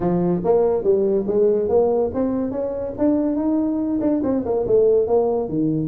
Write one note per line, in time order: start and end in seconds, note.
0.00 0.41 F3
0.44 0.83 A#3
0.83 1.25 G3
1.27 1.68 G#3
1.68 2.10 A#3
2.13 2.51 C4
2.51 2.93 C#4
2.98 3.36 D4
3.36 3.99 D#4
4.00 4.21 D4
4.23 4.44 C4
4.45 4.66 A#3
4.67 5.07 A3
5.07 5.49 A#3
5.49 5.87 D#3